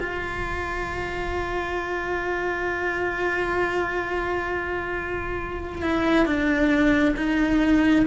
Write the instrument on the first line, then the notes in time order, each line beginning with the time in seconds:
cello
0.00 F4
5.82 E4
6.26 D4
7.16 D#4